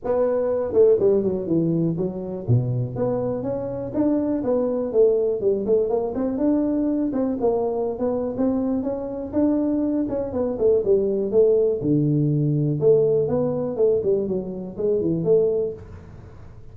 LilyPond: \new Staff \with { instrumentName = "tuba" } { \time 4/4 \tempo 4 = 122 b4. a8 g8 fis8 e4 | fis4 b,4 b4 cis'4 | d'4 b4 a4 g8 a8 | ais8 c'8 d'4. c'8 ais4~ |
ais16 b8. c'4 cis'4 d'4~ | d'8 cis'8 b8 a8 g4 a4 | d2 a4 b4 | a8 g8 fis4 gis8 e8 a4 | }